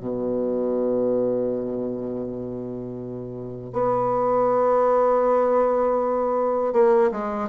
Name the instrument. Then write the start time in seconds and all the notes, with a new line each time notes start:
bassoon
0.00 B2
3.73 B3
6.73 A#3
7.12 G#3